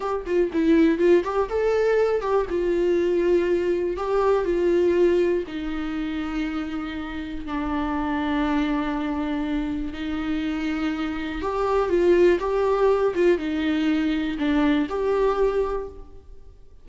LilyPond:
\new Staff \with { instrumentName = "viola" } { \time 4/4 \tempo 4 = 121 g'8 f'8 e'4 f'8 g'8 a'4~ | a'8 g'8 f'2. | g'4 f'2 dis'4~ | dis'2. d'4~ |
d'1 | dis'2. g'4 | f'4 g'4. f'8 dis'4~ | dis'4 d'4 g'2 | }